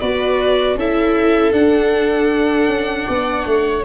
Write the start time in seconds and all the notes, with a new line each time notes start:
0.00 B3 F#4 B4 D5
0.75 C#4 E4 A4 E5
1.53 D4 F#5
2.68 C#4
3.07 B3 D5
3.46 A3 C#5